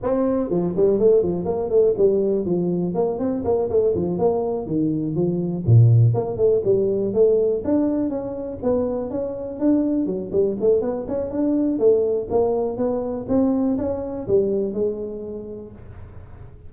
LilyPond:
\new Staff \with { instrumentName = "tuba" } { \time 4/4 \tempo 4 = 122 c'4 f8 g8 a8 f8 ais8 a8 | g4 f4 ais8 c'8 ais8 a8 | f8 ais4 dis4 f4 ais,8~ | ais,8 ais8 a8 g4 a4 d'8~ |
d'8 cis'4 b4 cis'4 d'8~ | d'8 fis8 g8 a8 b8 cis'8 d'4 | a4 ais4 b4 c'4 | cis'4 g4 gis2 | }